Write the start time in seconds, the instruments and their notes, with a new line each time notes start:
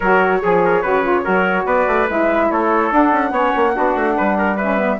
0.00 bassoon F#3, saxophone F#4, trumpet A#4, flute C#5
0.41 bassoon F3, saxophone G#4, trumpet G#4
0.65 trumpet A#4
0.81 bassoon C#3, saxophone F#4, trumpet B4
1.03 saxophone F4
1.23 bassoon F#3, saxophone F#4, trumpet A#4
1.65 bassoon B3, trumpet B4, flute D5
1.87 bassoon A3
2.08 bassoon G#3, saxophone E4, flute E5
2.50 bassoon A3, trumpet A4, flute C#5
2.90 saxophone D4, bassoon D4, flute F#5
3.12 bassoon C#4
3.30 bassoon B3, saxophone C#4, trumpet C#5
3.56 bassoon A#3
3.73 bassoon B3, saxophone D4, trumpet F#4
3.95 bassoon A3
4.16 bassoon G3, trumpet B4
4.38 trumpet A#4
4.56 saxophone C#4, trumpet B4, flute E5
4.77 saxophone B3